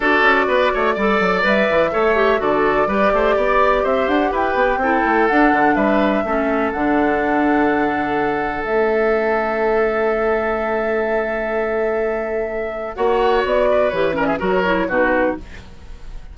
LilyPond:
<<
  \new Staff \with { instrumentName = "flute" } { \time 4/4 \tempo 4 = 125 d''2. e''4~ | e''4 d''2. | e''8 fis''8 g''2 fis''4 | e''2 fis''2~ |
fis''2 e''2~ | e''1~ | e''2. fis''4 | d''4 cis''8 d''16 e''16 cis''4 b'4 | }
  \new Staff \with { instrumentName = "oboe" } { \time 4/4 a'4 b'8 cis''8 d''2 | cis''4 a'4 b'8 c''8 d''4 | c''4 b'4 a'2 | b'4 a'2.~ |
a'1~ | a'1~ | a'2. cis''4~ | cis''8 b'4 ais'16 gis'16 ais'4 fis'4 | }
  \new Staff \with { instrumentName = "clarinet" } { \time 4/4 fis'2 a'4 b'4 | a'8 g'8 fis'4 g'2~ | g'2 e'4 d'4~ | d'4 cis'4 d'2~ |
d'2 cis'2~ | cis'1~ | cis'2. fis'4~ | fis'4 g'8 cis'8 fis'8 e'8 dis'4 | }
  \new Staff \with { instrumentName = "bassoon" } { \time 4/4 d'8 cis'8 b8 a8 g8 fis8 g8 e8 | a4 d4 g8 a8 b4 | c'8 d'8 e'8 b8 c'8 a8 d'8 d8 | g4 a4 d2~ |
d2 a2~ | a1~ | a2. ais4 | b4 e4 fis4 b,4 | }
>>